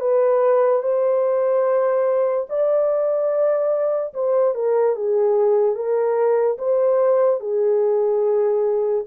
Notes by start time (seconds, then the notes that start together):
0.00 B4
0.82 C5
2.49 D5
4.14 C5
4.54 A#4
4.95 G#4
5.75 A#4
6.58 C5
7.40 G#4